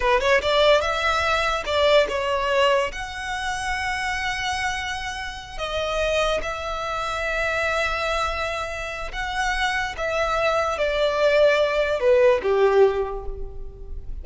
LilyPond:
\new Staff \with { instrumentName = "violin" } { \time 4/4 \tempo 4 = 145 b'8 cis''8 d''4 e''2 | d''4 cis''2 fis''4~ | fis''1~ | fis''4. dis''2 e''8~ |
e''1~ | e''2 fis''2 | e''2 d''2~ | d''4 b'4 g'2 | }